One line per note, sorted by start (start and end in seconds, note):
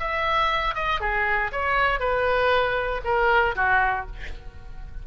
0.00 0.75 E5
0.75 1.01 D#5
1.01 1.51 G#4
1.52 2.00 C#5
2.00 3.02 B4
3.05 3.55 A#4
3.56 4.07 F#4